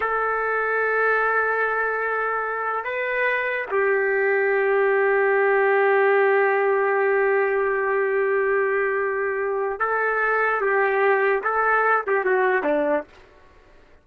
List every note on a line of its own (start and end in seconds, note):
0.00 2.84 A4
2.84 3.66 B4
3.70 9.79 G4
9.79 10.61 A4
10.61 11.42 G4
11.43 12.04 A4
12.06 12.24 G4
12.24 12.63 F#4
12.63 13.04 D4